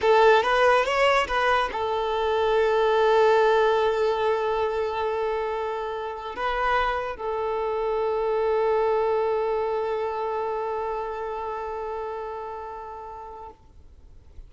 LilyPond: \new Staff \with { instrumentName = "violin" } { \time 4/4 \tempo 4 = 142 a'4 b'4 cis''4 b'4 | a'1~ | a'1~ | a'2. b'4~ |
b'4 a'2.~ | a'1~ | a'1~ | a'1 | }